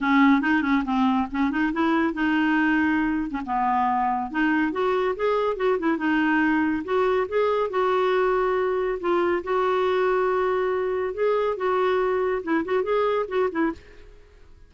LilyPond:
\new Staff \with { instrumentName = "clarinet" } { \time 4/4 \tempo 4 = 140 cis'4 dis'8 cis'8 c'4 cis'8 dis'8 | e'4 dis'2~ dis'8. cis'16 | b2 dis'4 fis'4 | gis'4 fis'8 e'8 dis'2 |
fis'4 gis'4 fis'2~ | fis'4 f'4 fis'2~ | fis'2 gis'4 fis'4~ | fis'4 e'8 fis'8 gis'4 fis'8 e'8 | }